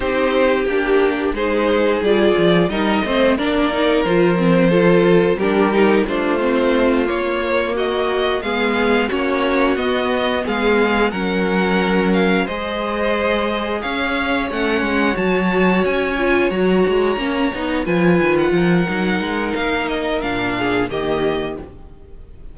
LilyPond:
<<
  \new Staff \with { instrumentName = "violin" } { \time 4/4 \tempo 4 = 89 c''4 g'4 c''4 d''4 | dis''4 d''4 c''2 | ais'4 c''4. cis''4 dis''8~ | dis''8 f''4 cis''4 dis''4 f''8~ |
f''8 fis''4. f''8 dis''4.~ | dis''8 f''4 fis''4 a''4 gis''8~ | gis''8 ais''2 gis''8. fis''8.~ | fis''4 f''8 dis''8 f''4 dis''4 | }
  \new Staff \with { instrumentName = "violin" } { \time 4/4 g'2 gis'2 | ais'8 c''8 ais'2 a'4 | g'4 f'2~ f'8 fis'8~ | fis'8 gis'4 fis'2 gis'8~ |
gis'8 ais'2 c''4.~ | c''8 cis''2.~ cis''8~ | cis''2~ cis''8 b'4 ais'8~ | ais'2~ ais'8 gis'8 g'4 | }
  \new Staff \with { instrumentName = "viola" } { \time 4/4 dis'4 d'4 dis'4 f'4 | dis'8 c'8 d'8 dis'8 f'8 c'8 f'4 | d'8 dis'8 d'8 c'4 ais4.~ | ais8 b4 cis'4 b4.~ |
b8 cis'2 gis'4.~ | gis'4. cis'4 fis'4. | f'8 fis'4 cis'8 dis'8 f'4. | dis'2 d'4 ais4 | }
  \new Staff \with { instrumentName = "cello" } { \time 4/4 c'4 ais4 gis4 g8 f8 | g8 a8 ais4 f2 | g4 a4. ais4.~ | ais8 gis4 ais4 b4 gis8~ |
gis8 fis2 gis4.~ | gis8 cis'4 a8 gis8 fis4 cis'8~ | cis'8 fis8 gis8 ais8 b8 f8 dis8 f8 | fis8 gis8 ais4 ais,4 dis4 | }
>>